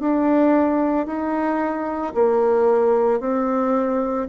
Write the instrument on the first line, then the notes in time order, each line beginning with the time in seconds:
bassoon
0.00 D4
1.07 D#4
2.14 A#3
3.20 C4